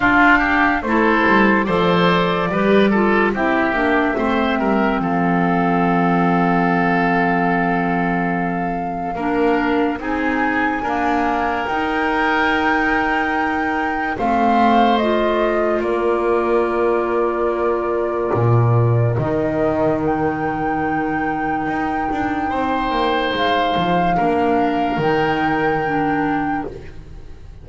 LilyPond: <<
  \new Staff \with { instrumentName = "flute" } { \time 4/4 \tempo 4 = 72 f''4 c''4 d''2 | e''2 f''2~ | f''1 | gis''2 g''2~ |
g''4 f''4 dis''4 d''4~ | d''2. dis''4 | g''1 | f''2 g''2 | }
  \new Staff \with { instrumentName = "oboe" } { \time 4/4 f'8 g'8 a'4 c''4 b'8 a'8 | g'4 c''8 ais'8 a'2~ | a'2. ais'4 | gis'4 ais'2.~ |
ais'4 c''2 ais'4~ | ais'1~ | ais'2. c''4~ | c''4 ais'2. | }
  \new Staff \with { instrumentName = "clarinet" } { \time 4/4 d'4 e'4 a'4 g'8 f'8 | e'8 d'8 c'2.~ | c'2. d'4 | dis'4 ais4 dis'2~ |
dis'4 c'4 f'2~ | f'2. dis'4~ | dis'1~ | dis'4 d'4 dis'4 d'4 | }
  \new Staff \with { instrumentName = "double bass" } { \time 4/4 d'4 a8 g8 f4 g4 | c'8 ais8 a8 g8 f2~ | f2. ais4 | c'4 d'4 dis'2~ |
dis'4 a2 ais4~ | ais2 ais,4 dis4~ | dis2 dis'8 d'8 c'8 ais8 | gis8 f8 ais4 dis2 | }
>>